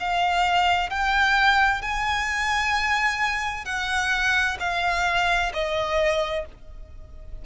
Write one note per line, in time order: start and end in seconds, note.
0.00 0.90 F5
0.90 1.82 G5
1.82 3.65 G#5
3.65 4.58 F#5
4.60 5.53 F5
5.54 6.46 D#5